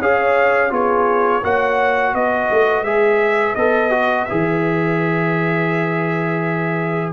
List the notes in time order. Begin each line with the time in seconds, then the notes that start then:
0.00 C#4 G#4 C#5 F5
0.71 B3 F4 G#4 C#5
1.44 A#3 F#4 C#5 F#5
2.13 B3 B4 D#5
2.51 A3
2.83 G#3 G#4 E5
3.55 B3 A4 D#5
3.91 F#4
4.25 G#4 E5
4.31 E3